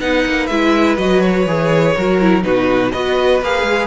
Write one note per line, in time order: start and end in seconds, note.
0.00 0.24 B3
0.00 0.49 D#4
0.00 1.96 B4
0.00 0.47 F#5
0.27 0.50 A#3
0.47 0.98 G#3
0.47 0.98 E4
0.47 0.96 E5
0.98 1.46 F#3
0.98 1.47 F#4
0.98 1.21 D#5
1.21 2.43 C#5
1.47 1.96 E3
1.47 1.97 G#4
1.96 2.45 F#3
1.96 2.21 F#4
1.96 2.45 A#4
2.21 2.42 E4
2.42 2.94 B2
2.42 2.91 D#4
2.42 2.92 F#4
2.42 2.92 B4
2.92 3.43 B3
2.92 3.43 F#4
2.92 3.87 B4
2.92 3.41 D#5
3.43 3.63 A#3
3.43 3.87 G#4
3.43 3.87 F5
3.63 3.87 G#3